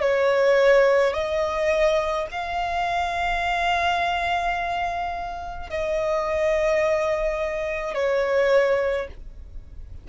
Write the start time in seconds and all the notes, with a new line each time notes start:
0.00 C#5
1.13 D#5
2.31 F5
5.70 D#5
7.94 C#5